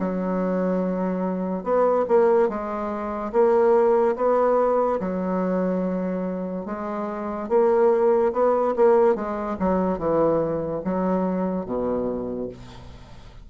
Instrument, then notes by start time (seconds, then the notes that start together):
bassoon
0.00 F#3
1.64 B3
2.08 A#3
2.49 G#3
3.33 A#3
4.16 B3
5.00 F#3
6.66 G#3
7.49 A#3
8.33 B3
8.76 A#3
9.16 G#3
9.59 F#3
9.98 E3
10.84 F#3
11.66 B2